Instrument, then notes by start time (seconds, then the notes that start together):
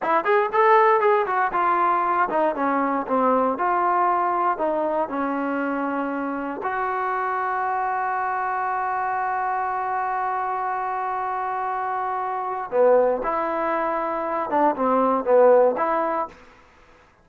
trombone
0.02 E4
0.24 G#4
0.52 A4
1.00 G#4
1.26 F#4
1.52 F4
2.29 D#4
2.55 C#4
3.07 C4
3.57 F4
4.58 D#4
5.08 C#4
6.62 F#4
12.70 B3
13.23 E4
14.49 D4
14.75 C4
15.24 B3
15.77 E4